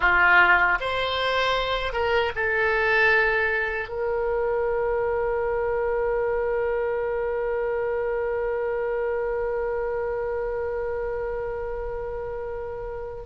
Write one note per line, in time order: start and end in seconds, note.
0.00 0.78 F4
0.80 1.93 C5
1.93 2.32 A#4
2.36 3.88 A4
3.88 13.23 A#4